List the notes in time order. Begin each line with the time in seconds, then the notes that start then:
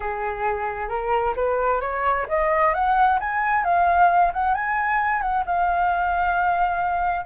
0.00 G#4
0.88 A#4
1.36 B4
1.81 C#5
2.28 D#5
2.74 F#5
3.19 G#5
3.64 F5
4.33 F#5
4.54 G#5
5.21 F#5
5.46 F5